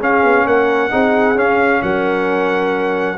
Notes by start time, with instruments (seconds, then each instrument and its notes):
0.00 trombone C#4, tuba C#4, horn G#4, trumpet F5
0.24 tuba B3
0.45 tuba A#3, horn A#4, trumpet F#5
0.91 tuba C4, trombone D#4, horn G#4
1.36 tuba C#4, trombone C#4, trumpet F5
1.82 tuba F#3, horn A#4, trumpet F#5